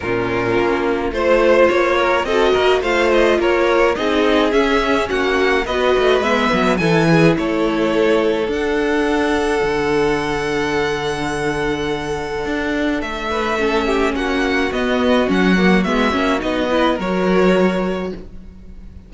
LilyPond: <<
  \new Staff \with { instrumentName = "violin" } { \time 4/4 \tempo 4 = 106 ais'2 c''4 cis''4 | dis''4 f''8 dis''8 cis''4 dis''4 | e''4 fis''4 dis''4 e''4 | gis''4 cis''2 fis''4~ |
fis''1~ | fis''2. e''4~ | e''4 fis''4 dis''4 fis''4 | e''4 dis''4 cis''2 | }
  \new Staff \with { instrumentName = "violin" } { \time 4/4 f'2 c''4. ais'8 | a'8 ais'8 c''4 ais'4 gis'4~ | gis'4 fis'4 b'2 | a'8 gis'8 a'2.~ |
a'1~ | a'2.~ a'8 b'8 | a'8 g'8 fis'2.~ | fis'4. b'8 ais'2 | }
  \new Staff \with { instrumentName = "viola" } { \time 4/4 cis'2 f'2 | fis'4 f'2 dis'4 | cis'2 fis'4 b4 | e'2. d'4~ |
d'1~ | d'1 | cis'2 b4 cis'8 ais8 | b8 cis'8 dis'8 e'8 fis'2 | }
  \new Staff \with { instrumentName = "cello" } { \time 4/4 ais,4 ais4 a4 ais4 | c'8 ais8 a4 ais4 c'4 | cis'4 ais4 b8 a8 gis8 fis8 | e4 a2 d'4~ |
d'4 d2.~ | d2 d'4 a4~ | a4 ais4 b4 fis4 | gis8 ais8 b4 fis2 | }
>>